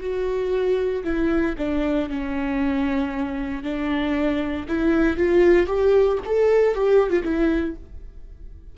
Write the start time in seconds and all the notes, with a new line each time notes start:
0.00 F#4
1.04 E4
1.58 D4
2.09 C#4
3.63 D4
4.68 E4
5.17 F4
5.67 G4
6.25 A4
6.75 G4
7.10 F4
7.23 E4